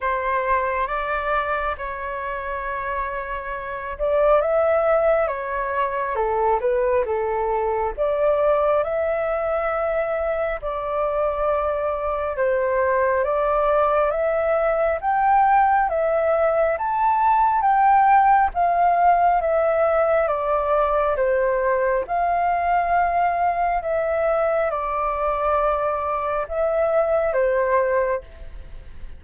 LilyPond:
\new Staff \with { instrumentName = "flute" } { \time 4/4 \tempo 4 = 68 c''4 d''4 cis''2~ | cis''8 d''8 e''4 cis''4 a'8 b'8 | a'4 d''4 e''2 | d''2 c''4 d''4 |
e''4 g''4 e''4 a''4 | g''4 f''4 e''4 d''4 | c''4 f''2 e''4 | d''2 e''4 c''4 | }